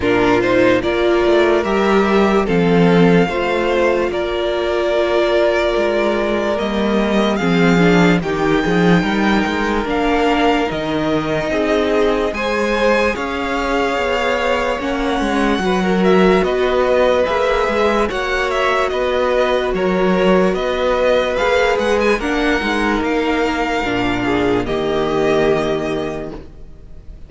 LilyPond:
<<
  \new Staff \with { instrumentName = "violin" } { \time 4/4 \tempo 4 = 73 ais'8 c''8 d''4 e''4 f''4~ | f''4 d''2. | dis''4 f''4 g''2 | f''4 dis''2 gis''4 |
f''2 fis''4. e''8 | dis''4 e''4 fis''8 e''8 dis''4 | cis''4 dis''4 f''8 fis''16 gis''16 fis''4 | f''2 dis''2 | }
  \new Staff \with { instrumentName = "violin" } { \time 4/4 f'4 ais'2 a'4 | c''4 ais'2.~ | ais'4 gis'4 g'8 gis'8 ais'4~ | ais'2 gis'4 c''4 |
cis''2. b'16 ais'8. | b'2 cis''4 b'4 | ais'4 b'2 ais'4~ | ais'4. gis'8 g'2 | }
  \new Staff \with { instrumentName = "viola" } { \time 4/4 d'8 dis'8 f'4 g'4 c'4 | f'1 | ais4 c'8 d'8 dis'2 | d'4 dis'2 gis'4~ |
gis'2 cis'4 fis'4~ | fis'4 gis'4 fis'2~ | fis'2 gis'4 d'8 dis'8~ | dis'4 d'4 ais2 | }
  \new Staff \with { instrumentName = "cello" } { \time 4/4 ais,4 ais8 a8 g4 f4 | a4 ais2 gis4 | g4 f4 dis8 f8 g8 gis8 | ais4 dis4 c'4 gis4 |
cis'4 b4 ais8 gis8 fis4 | b4 ais8 gis8 ais4 b4 | fis4 b4 ais8 gis8 ais8 gis8 | ais4 ais,4 dis2 | }
>>